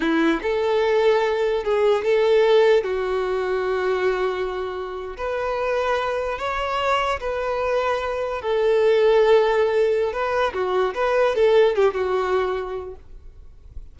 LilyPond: \new Staff \with { instrumentName = "violin" } { \time 4/4 \tempo 4 = 148 e'4 a'2. | gis'4 a'2 fis'4~ | fis'1~ | fis'8. b'2. cis''16~ |
cis''4.~ cis''16 b'2~ b'16~ | b'8. a'2.~ a'16~ | a'4 b'4 fis'4 b'4 | a'4 g'8 fis'2~ fis'8 | }